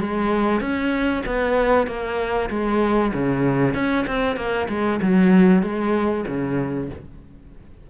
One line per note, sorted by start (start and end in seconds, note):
0.00 0.61 G#3
0.61 1.23 C#4
1.26 1.87 B3
1.87 2.49 A#3
2.50 3.12 G#3
3.13 3.74 C#3
3.74 4.05 C#4
4.07 4.36 C4
4.36 4.67 A#3
4.68 5.00 G#3
5.01 5.62 F#3
5.62 6.25 G#3
6.27 6.89 C#3